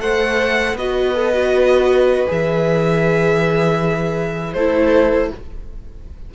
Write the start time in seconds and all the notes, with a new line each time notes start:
0.00 A3 A4 C5 F#5
0.73 B3 F#4 B4 D#5
1.15 A4
1.34 F#4
2.27 E3 G#4 E5
4.53 A3 E4 A4 C5